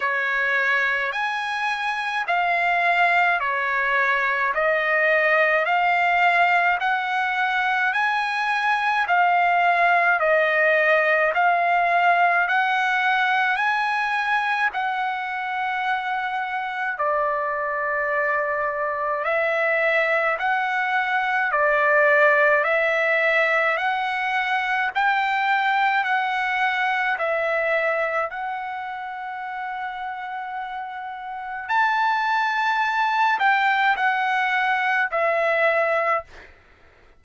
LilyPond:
\new Staff \with { instrumentName = "trumpet" } { \time 4/4 \tempo 4 = 53 cis''4 gis''4 f''4 cis''4 | dis''4 f''4 fis''4 gis''4 | f''4 dis''4 f''4 fis''4 | gis''4 fis''2 d''4~ |
d''4 e''4 fis''4 d''4 | e''4 fis''4 g''4 fis''4 | e''4 fis''2. | a''4. g''8 fis''4 e''4 | }